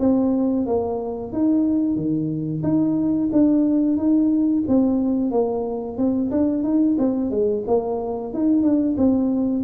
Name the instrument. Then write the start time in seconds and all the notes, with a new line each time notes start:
tuba
0.00 C4
0.67 A#3
1.33 D#4
1.96 D#3
2.63 D#4
3.33 D4
3.97 D#4
4.68 C4
5.31 A#3
5.98 C4
6.32 D4
6.64 D#4
6.98 C4
7.31 G#3
7.68 A#3
8.34 D#4
8.63 D4
8.98 C4